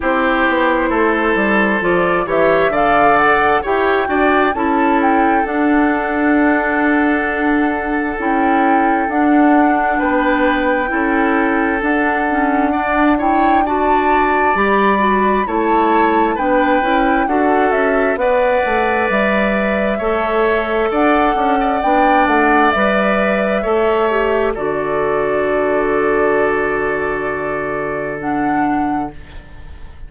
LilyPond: <<
  \new Staff \with { instrumentName = "flute" } { \time 4/4 \tempo 4 = 66 c''2 d''8 e''8 f''8 fis''8 | g''4 a''8 g''8 fis''2~ | fis''4 g''4 fis''4 g''4~ | g''4 fis''4. g''8 a''4 |
b''4 a''4 g''4 fis''8 e''8 | fis''4 e''2 fis''4 | g''8 fis''8 e''2 d''4~ | d''2. fis''4 | }
  \new Staff \with { instrumentName = "oboe" } { \time 4/4 g'4 a'4. cis''8 d''4 | cis''8 d''8 a'2.~ | a'2. b'4 | a'2 d''8 cis''8 d''4~ |
d''4 cis''4 b'4 a'4 | d''2 cis''4 d''8 d'16 d''16~ | d''2 cis''4 a'4~ | a'1 | }
  \new Staff \with { instrumentName = "clarinet" } { \time 4/4 e'2 f'8 g'8 a'4 | g'8 fis'8 e'4 d'2~ | d'4 e'4 d'2 | e'4 d'8 cis'8 d'8 e'8 fis'4 |
g'8 fis'8 e'4 d'8 e'8 fis'4 | b'2 a'2 | d'4 b'4 a'8 g'8 fis'4~ | fis'2. d'4 | }
  \new Staff \with { instrumentName = "bassoon" } { \time 4/4 c'8 b8 a8 g8 f8 e8 d4 | e'8 d'8 cis'4 d'2~ | d'4 cis'4 d'4 b4 | cis'4 d'2. |
g4 a4 b8 cis'8 d'8 cis'8 | b8 a8 g4 a4 d'8 cis'8 | b8 a8 g4 a4 d4~ | d1 | }
>>